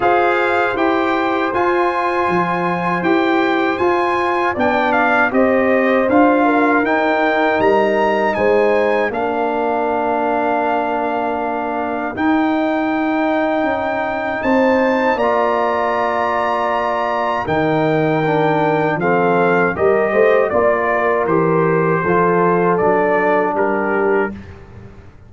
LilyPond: <<
  \new Staff \with { instrumentName = "trumpet" } { \time 4/4 \tempo 4 = 79 f''4 g''4 gis''2 | g''4 gis''4 g''8 f''8 dis''4 | f''4 g''4 ais''4 gis''4 | f''1 |
g''2. a''4 | ais''2. g''4~ | g''4 f''4 dis''4 d''4 | c''2 d''4 ais'4 | }
  \new Staff \with { instrumentName = "horn" } { \time 4/4 c''1~ | c''2 d''4 c''4~ | c''8 ais'2~ ais'8 c''4 | ais'1~ |
ais'2. c''4 | d''2. ais'4~ | ais'4 a'4 ais'8 c''8 d''8 ais'8~ | ais'4 a'2 g'4 | }
  \new Staff \with { instrumentName = "trombone" } { \time 4/4 gis'4 g'4 f'2 | g'4 f'4 d'4 g'4 | f'4 dis'2. | d'1 |
dis'1 | f'2. dis'4 | d'4 c'4 g'4 f'4 | g'4 f'4 d'2 | }
  \new Staff \with { instrumentName = "tuba" } { \time 4/4 f'4 e'4 f'4 f4 | e'4 f'4 b4 c'4 | d'4 dis'4 g4 gis4 | ais1 |
dis'2 cis'4 c'4 | ais2. dis4~ | dis4 f4 g8 a8 ais4 | e4 f4 fis4 g4 | }
>>